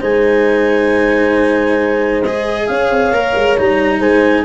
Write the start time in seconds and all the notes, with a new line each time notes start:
0.00 G#3 D#4 C5 G#5
2.23 G#4 D#5
2.66 C#4 C#5 F5
2.91 C4
3.12 A#3 A#4
3.35 G#3
3.57 G3 D#4 A#5
4.00 G#3 C5 G#5